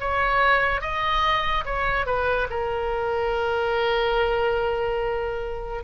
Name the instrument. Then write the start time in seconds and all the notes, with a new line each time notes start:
oboe
0.00 C#5
0.81 D#5
1.65 C#5
2.06 B4
2.50 A#4